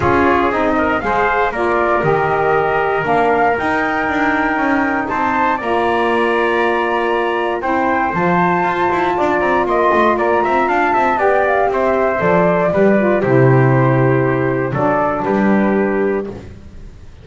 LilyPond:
<<
  \new Staff \with { instrumentName = "flute" } { \time 4/4 \tempo 4 = 118 cis''4 dis''4 f''4 d''4 | dis''2 f''4 g''4~ | g''2 a''4 ais''4~ | ais''2. g''4 |
a''2~ a''8 ais''8 c'''4 | ais''4 a''4 g''8 f''8 e''4 | d''2 c''2~ | c''4 d''4 b'2 | }
  \new Staff \with { instrumentName = "trumpet" } { \time 4/4 gis'4. ais'8 c''4 ais'4~ | ais'1~ | ais'2 c''4 d''4~ | d''2. c''4~ |
c''2 d''4 dis''4 | d''8 e''8 f''8 e''8 d''4 c''4~ | c''4 b'4 g'2~ | g'4 a'4 g'2 | }
  \new Staff \with { instrumentName = "saxophone" } { \time 4/4 f'4 dis'4 gis'4 f'4 | g'2 d'4 dis'4~ | dis'2. f'4~ | f'2. e'4 |
f'1~ | f'2 g'2 | a'4 g'8 f'8 e'2~ | e'4 d'2. | }
  \new Staff \with { instrumentName = "double bass" } { \time 4/4 cis'4 c'4 gis4 ais4 | dis2 ais4 dis'4 | d'4 cis'4 c'4 ais4~ | ais2. c'4 |
f4 f'8 e'8 d'8 c'8 ais8 a8 | ais8 c'8 d'8 c'8 b4 c'4 | f4 g4 c2~ | c4 fis4 g2 | }
>>